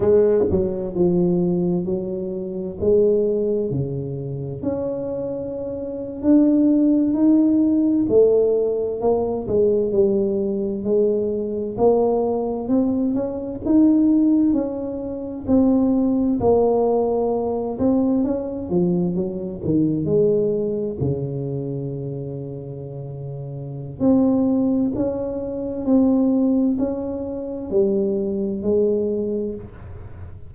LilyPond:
\new Staff \with { instrumentName = "tuba" } { \time 4/4 \tempo 4 = 65 gis8 fis8 f4 fis4 gis4 | cis4 cis'4.~ cis'16 d'4 dis'16~ | dis'8. a4 ais8 gis8 g4 gis16~ | gis8. ais4 c'8 cis'8 dis'4 cis'16~ |
cis'8. c'4 ais4. c'8 cis'16~ | cis'16 f8 fis8 dis8 gis4 cis4~ cis16~ | cis2 c'4 cis'4 | c'4 cis'4 g4 gis4 | }